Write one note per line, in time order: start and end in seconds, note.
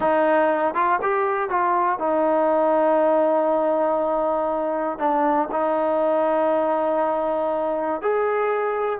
0.00 0.74 D#4
0.74 0.99 F4
1.02 1.49 G4
1.49 1.99 F4
1.99 4.98 D#4
4.98 5.48 D4
5.51 8.01 D#4
8.01 9.00 G#4